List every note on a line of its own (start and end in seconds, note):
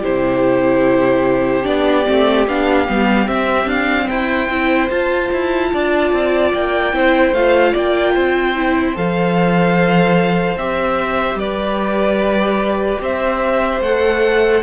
0.00 1.64 E4
0.00 4.05 G4
0.00 1.66 C5
0.06 1.66 C3
1.64 2.07 B3
1.64 2.04 D4
1.64 2.47 D5
2.06 2.48 A3
2.06 2.46 C4
2.48 2.88 B3
2.48 2.88 D4
2.48 3.29 F5
2.88 3.29 G3
2.88 3.26 B3
3.26 4.48 C4
3.26 3.67 C4
3.26 3.69 E5
3.67 4.07 D4
3.67 4.09 F5
4.06 4.49 E4
4.06 5.68 C5
4.06 4.90 G5
4.49 4.90 C4
4.49 4.91 E4
4.90 5.30 F4
4.90 6.93 F4
4.90 6.53 A5
5.33 5.73 E4
5.74 6.13 D4
5.74 6.95 D5
6.13 6.54 C4
6.54 6.94 A#3
6.54 7.34 G5
6.93 7.33 C4
6.93 7.34 E4
6.93 7.72 C5
7.33 7.73 A3
7.33 8.56 F4
7.33 7.75 F5
7.72 8.17 A#3
7.72 8.13 D5
7.72 8.97 G5
8.15 8.97 C4
8.15 11.39 C5
8.56 8.96 E4
8.96 10.57 F3
8.96 10.58 A4
8.96 10.59 F5
10.57 11.35 C4
10.57 13.84 G4
10.57 11.39 E5
11.35 12.97 G3
11.35 13.02 B4
11.35 13.01 D5
13.01 13.81 C4
13.01 14.63 C5
13.01 13.82 E5
13.81 14.62 A3
13.81 14.63 A4
13.81 14.63 F#5